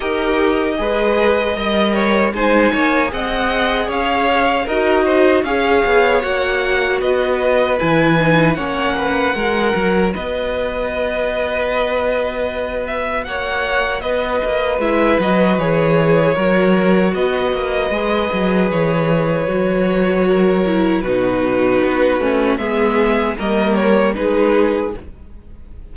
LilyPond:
<<
  \new Staff \with { instrumentName = "violin" } { \time 4/4 \tempo 4 = 77 dis''2. gis''4 | fis''4 f''4 dis''4 f''4 | fis''4 dis''4 gis''4 fis''4~ | fis''4 dis''2.~ |
dis''8 e''8 fis''4 dis''4 e''8 dis''8 | cis''2 dis''2 | cis''2. b'4~ | b'4 e''4 dis''8 cis''8 b'4 | }
  \new Staff \with { instrumentName = "violin" } { \time 4/4 ais'4 b'4 dis''8 cis''8 c''8 cis''8 | dis''4 cis''4 ais'8 c''8 cis''4~ | cis''4 b'2 cis''8 b'8 | ais'4 b'2.~ |
b'4 cis''4 b'2~ | b'4 ais'4 b'2~ | b'2 ais'4 fis'4~ | fis'4 gis'4 ais'4 gis'4 | }
  \new Staff \with { instrumentName = "viola" } { \time 4/4 g'4 gis'4 ais'4 dis'4 | gis'2 fis'4 gis'4 | fis'2 e'8 dis'8 cis'4 | fis'1~ |
fis'2. e'8 fis'8 | gis'4 fis'2 gis'4~ | gis'4 fis'4. e'8 dis'4~ | dis'8 cis'8 b4 ais4 dis'4 | }
  \new Staff \with { instrumentName = "cello" } { \time 4/4 dis'4 gis4 g4 gis8 ais8 | c'4 cis'4 dis'4 cis'8 b8 | ais4 b4 e4 ais4 | gis8 fis8 b2.~ |
b4 ais4 b8 ais8 gis8 fis8 | e4 fis4 b8 ais8 gis8 fis8 | e4 fis2 b,4 | b8 a8 gis4 g4 gis4 | }
>>